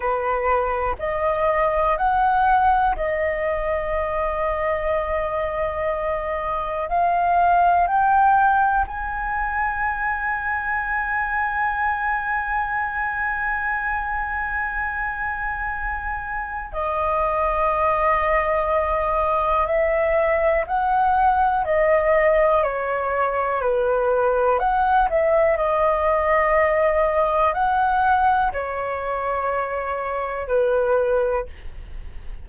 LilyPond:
\new Staff \with { instrumentName = "flute" } { \time 4/4 \tempo 4 = 61 b'4 dis''4 fis''4 dis''4~ | dis''2. f''4 | g''4 gis''2.~ | gis''1~ |
gis''4 dis''2. | e''4 fis''4 dis''4 cis''4 | b'4 fis''8 e''8 dis''2 | fis''4 cis''2 b'4 | }